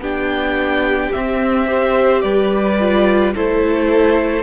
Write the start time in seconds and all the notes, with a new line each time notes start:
0.00 B3 D4 G4 G5
1.12 C4 E5
1.67 G4 C5
2.22 G3 B4 D5
2.80 F4
3.35 A3 E4 A4 C5